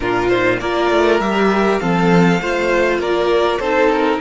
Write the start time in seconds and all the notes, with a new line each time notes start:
0.00 A#2 D4 F4 A#4
0.29 D#4 C5
0.59 A#3 F4 A#4 D5
0.90 A3
1.19 G3 G4 E5
1.79 F3 C4 A4 F5
2.39 A3 F4 C5
2.99 A#3 A#4 D5
3.59 C4 D#4 A4 C5
3.92 A#4